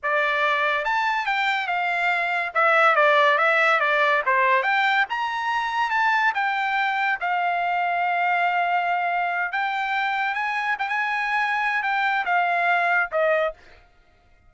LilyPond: \new Staff \with { instrumentName = "trumpet" } { \time 4/4 \tempo 4 = 142 d''2 a''4 g''4 | f''2 e''4 d''4 | e''4 d''4 c''4 g''4 | ais''2 a''4 g''4~ |
g''4 f''2.~ | f''2~ f''8 g''4.~ | g''8 gis''4 g''16 gis''2~ gis''16 | g''4 f''2 dis''4 | }